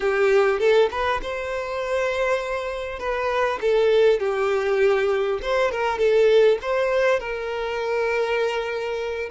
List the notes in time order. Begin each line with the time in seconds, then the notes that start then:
0.00 G4
0.59 A4
0.90 B4
1.22 C5
2.99 B4
3.61 A4
4.19 G4
5.41 C5
5.71 A#4
5.98 A4
6.61 C5
7.19 A#4